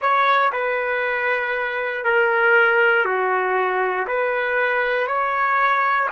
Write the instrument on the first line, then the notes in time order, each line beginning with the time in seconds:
trumpet
0.00 C#5
0.52 B4
2.04 A#4
3.05 F#4
4.07 B4
5.07 C#5